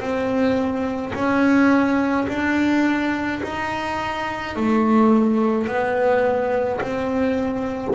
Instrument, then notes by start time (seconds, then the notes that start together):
double bass
0.00 C4
1.15 C#4
2.28 D4
3.43 D#4
4.56 A3
5.68 B3
6.82 C4